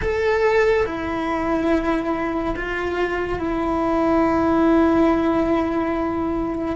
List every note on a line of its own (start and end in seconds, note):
0.01 0.86 A4
0.86 2.55 E4
2.56 3.38 F4
3.38 6.76 E4